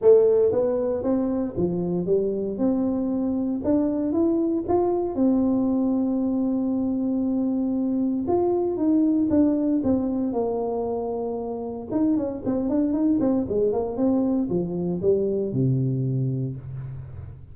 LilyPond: \new Staff \with { instrumentName = "tuba" } { \time 4/4 \tempo 4 = 116 a4 b4 c'4 f4 | g4 c'2 d'4 | e'4 f'4 c'2~ | c'1 |
f'4 dis'4 d'4 c'4 | ais2. dis'8 cis'8 | c'8 d'8 dis'8 c'8 gis8 ais8 c'4 | f4 g4 c2 | }